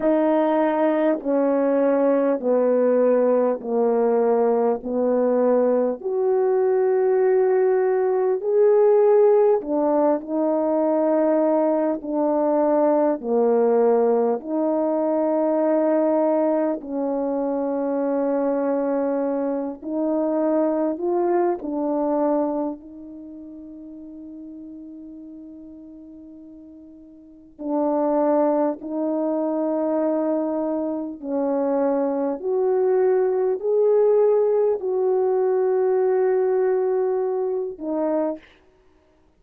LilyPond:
\new Staff \with { instrumentName = "horn" } { \time 4/4 \tempo 4 = 50 dis'4 cis'4 b4 ais4 | b4 fis'2 gis'4 | d'8 dis'4. d'4 ais4 | dis'2 cis'2~ |
cis'8 dis'4 f'8 d'4 dis'4~ | dis'2. d'4 | dis'2 cis'4 fis'4 | gis'4 fis'2~ fis'8 dis'8 | }